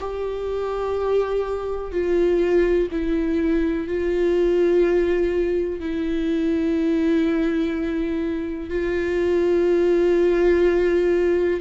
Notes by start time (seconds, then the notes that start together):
0.00 G4
1.91 F4
2.91 E4
3.88 F4
5.80 E4
8.70 F4